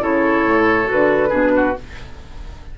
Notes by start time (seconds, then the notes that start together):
0.00 C#3 E4 A4 C#5
0.44 A2
0.84 F#4
0.91 D3 B4
1.29 B2 D4 G#4
1.55 F#4